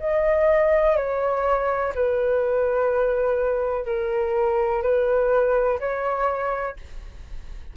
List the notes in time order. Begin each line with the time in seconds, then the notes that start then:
0.00 D#5
0.97 C#5
1.95 B4
3.85 A#4
4.83 B4
5.80 C#5